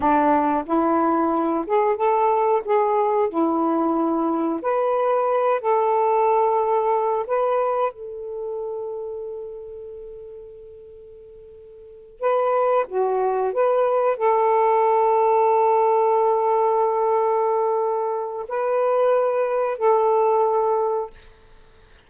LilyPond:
\new Staff \with { instrumentName = "saxophone" } { \time 4/4 \tempo 4 = 91 d'4 e'4. gis'8 a'4 | gis'4 e'2 b'4~ | b'8 a'2~ a'8 b'4 | a'1~ |
a'2~ a'8 b'4 fis'8~ | fis'8 b'4 a'2~ a'8~ | a'1 | b'2 a'2 | }